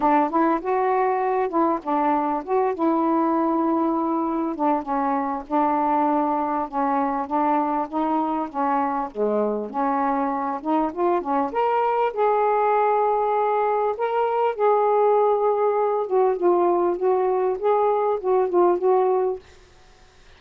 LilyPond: \new Staff \with { instrumentName = "saxophone" } { \time 4/4 \tempo 4 = 99 d'8 e'8 fis'4. e'8 d'4 | fis'8 e'2. d'8 | cis'4 d'2 cis'4 | d'4 dis'4 cis'4 gis4 |
cis'4. dis'8 f'8 cis'8 ais'4 | gis'2. ais'4 | gis'2~ gis'8 fis'8 f'4 | fis'4 gis'4 fis'8 f'8 fis'4 | }